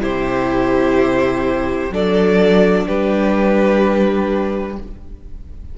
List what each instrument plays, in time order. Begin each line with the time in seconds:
0.00 cello C3, viola E4, violin G4 C5
1.90 cello F#3, viola D4, violin A4 D5
2.86 cello G3, violin G4 B4